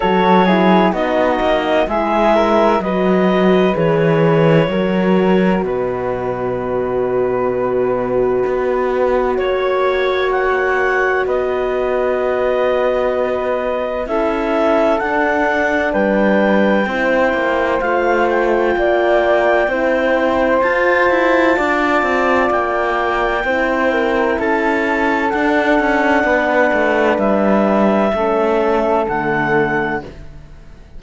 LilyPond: <<
  \new Staff \with { instrumentName = "clarinet" } { \time 4/4 \tempo 4 = 64 cis''4 dis''4 e''4 dis''4 | cis''2 dis''2~ | dis''2 cis''4 fis''4 | dis''2. e''4 |
fis''4 g''2 f''8 g''8~ | g''2 a''2 | g''2 a''4 fis''4~ | fis''4 e''2 fis''4 | }
  \new Staff \with { instrumentName = "flute" } { \time 4/4 a'8 gis'8 fis'4 gis'8 ais'8 b'4~ | b'4 ais'4 b'2~ | b'2 cis''2 | b'2. a'4~ |
a'4 b'4 c''2 | d''4 c''2 d''4~ | d''4 c''8 ais'8 a'2 | b'2 a'2 | }
  \new Staff \with { instrumentName = "horn" } { \time 4/4 fis'8 e'8 dis'4 e'4 fis'4 | gis'4 fis'2.~ | fis'1~ | fis'2. e'4 |
d'2 e'4 f'4~ | f'4 e'4 f'2~ | f'4 e'2 d'4~ | d'2 cis'4 a4 | }
  \new Staff \with { instrumentName = "cello" } { \time 4/4 fis4 b8 ais8 gis4 fis4 | e4 fis4 b,2~ | b,4 b4 ais2 | b2. cis'4 |
d'4 g4 c'8 ais8 a4 | ais4 c'4 f'8 e'8 d'8 c'8 | ais4 c'4 cis'4 d'8 cis'8 | b8 a8 g4 a4 d4 | }
>>